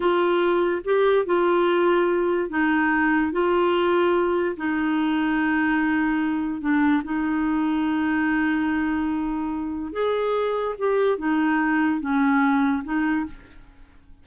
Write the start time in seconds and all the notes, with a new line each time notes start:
0.00 F4
0.84 G4
1.25 F4
2.49 D#4
3.32 F4
4.56 D#4
6.61 D4
7.04 D#4
9.92 G#4
10.78 G4
11.18 D#4
12.00 C#4
12.84 D#4